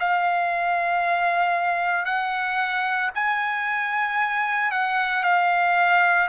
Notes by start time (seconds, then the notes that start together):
0.00 F5
2.05 F#5
3.15 G#5
4.71 F#5
5.24 F5